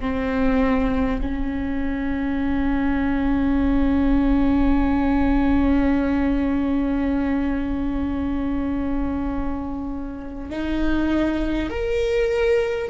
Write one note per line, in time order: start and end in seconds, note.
0.00 1.20 C4
1.21 10.49 C#4
10.49 11.69 D#4
11.70 12.89 A#4